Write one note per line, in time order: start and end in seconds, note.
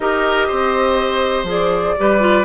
0.00 0.48 D#4
0.00 1.47 G4
0.00 0.47 A#4
0.00 1.45 D#5
0.47 1.43 C4
0.47 1.95 C5
1.43 1.93 F3
1.43 1.96 G#4
1.51 2.44 D5
1.97 2.44 G3
1.97 2.19 G4
1.97 2.44 B4
2.19 2.44 F4